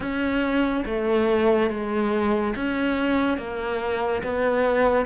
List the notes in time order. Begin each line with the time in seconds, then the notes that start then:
0.00 C#4
0.85 A3
1.69 G#3
2.55 C#4
3.37 A#3
4.23 B3